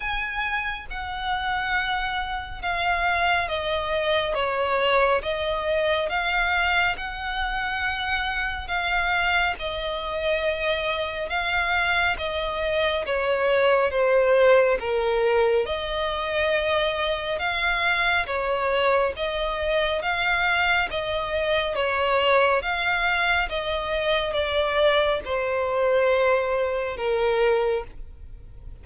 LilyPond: \new Staff \with { instrumentName = "violin" } { \time 4/4 \tempo 4 = 69 gis''4 fis''2 f''4 | dis''4 cis''4 dis''4 f''4 | fis''2 f''4 dis''4~ | dis''4 f''4 dis''4 cis''4 |
c''4 ais'4 dis''2 | f''4 cis''4 dis''4 f''4 | dis''4 cis''4 f''4 dis''4 | d''4 c''2 ais'4 | }